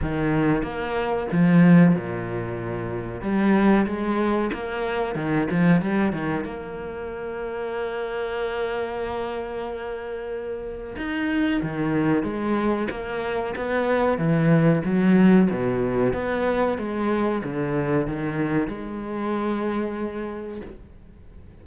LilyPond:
\new Staff \with { instrumentName = "cello" } { \time 4/4 \tempo 4 = 93 dis4 ais4 f4 ais,4~ | ais,4 g4 gis4 ais4 | dis8 f8 g8 dis8 ais2~ | ais1~ |
ais4 dis'4 dis4 gis4 | ais4 b4 e4 fis4 | b,4 b4 gis4 d4 | dis4 gis2. | }